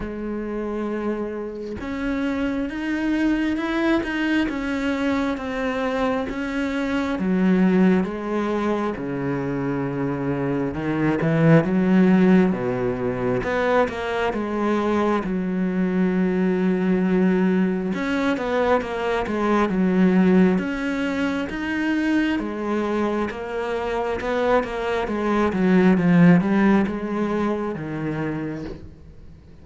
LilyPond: \new Staff \with { instrumentName = "cello" } { \time 4/4 \tempo 4 = 67 gis2 cis'4 dis'4 | e'8 dis'8 cis'4 c'4 cis'4 | fis4 gis4 cis2 | dis8 e8 fis4 b,4 b8 ais8 |
gis4 fis2. | cis'8 b8 ais8 gis8 fis4 cis'4 | dis'4 gis4 ais4 b8 ais8 | gis8 fis8 f8 g8 gis4 dis4 | }